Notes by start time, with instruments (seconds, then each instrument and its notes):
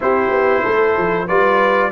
0.00 tuba C4, trombone E4, horn G4, trumpet C5
0.30 tuba B3
0.62 tuba A3, horn A4
0.97 tuba F3
1.27 tuba G3, trombone F4, horn B4, trumpet D5